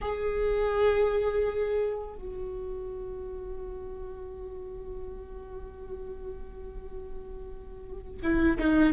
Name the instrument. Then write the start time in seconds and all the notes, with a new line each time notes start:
viola
0.01 G#4
2.14 F#4
8.22 E4
8.58 D#4